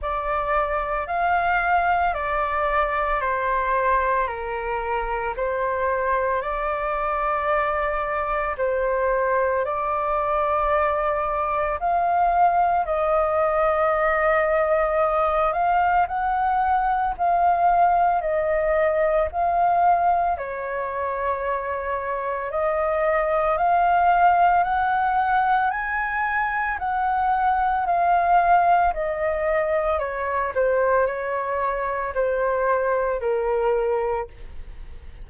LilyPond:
\new Staff \with { instrumentName = "flute" } { \time 4/4 \tempo 4 = 56 d''4 f''4 d''4 c''4 | ais'4 c''4 d''2 | c''4 d''2 f''4 | dis''2~ dis''8 f''8 fis''4 |
f''4 dis''4 f''4 cis''4~ | cis''4 dis''4 f''4 fis''4 | gis''4 fis''4 f''4 dis''4 | cis''8 c''8 cis''4 c''4 ais'4 | }